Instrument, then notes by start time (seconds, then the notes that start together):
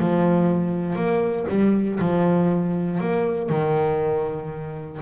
double bass
0.00 F3
0.96 A#3
1.49 G3
2.00 F3
3.01 A#3
3.50 D#3